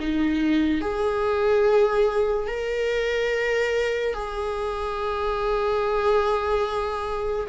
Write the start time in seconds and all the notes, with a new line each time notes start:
0.00 D#4
0.81 G#4
2.47 A#4
4.14 G#4